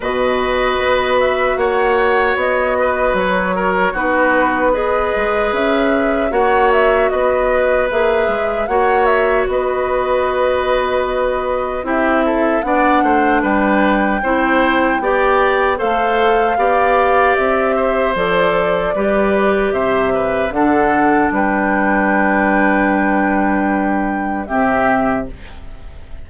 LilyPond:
<<
  \new Staff \with { instrumentName = "flute" } { \time 4/4 \tempo 4 = 76 dis''4. e''8 fis''4 dis''4 | cis''4 b'4 dis''4 e''4 | fis''8 e''8 dis''4 e''4 fis''8 e''8 | dis''2. e''4 |
fis''4 g''2. | f''2 e''4 d''4~ | d''4 e''4 fis''4 g''4~ | g''2. e''4 | }
  \new Staff \with { instrumentName = "oboe" } { \time 4/4 b'2 cis''4. b'8~ | b'8 ais'8 fis'4 b'2 | cis''4 b'2 cis''4 | b'2. g'8 a'8 |
d''8 c''8 b'4 c''4 d''4 | c''4 d''4. c''4. | b'4 c''8 b'8 a'4 b'4~ | b'2. g'4 | }
  \new Staff \with { instrumentName = "clarinet" } { \time 4/4 fis'1~ | fis'4 dis'4 gis'2 | fis'2 gis'4 fis'4~ | fis'2. e'4 |
d'2 e'4 g'4 | a'4 g'2 a'4 | g'2 d'2~ | d'2. c'4 | }
  \new Staff \with { instrumentName = "bassoon" } { \time 4/4 b,4 b4 ais4 b4 | fis4 b4. gis8 cis'4 | ais4 b4 ais8 gis8 ais4 | b2. c'4 |
b8 a8 g4 c'4 b4 | a4 b4 c'4 f4 | g4 c4 d4 g4~ | g2. c4 | }
>>